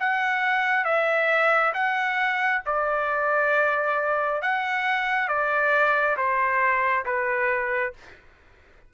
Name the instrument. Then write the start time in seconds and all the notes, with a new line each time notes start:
trumpet
0.00 F#5
0.85 E5
1.74 F#5
2.66 D5
4.42 F#5
5.28 D5
6.17 C5
7.05 B4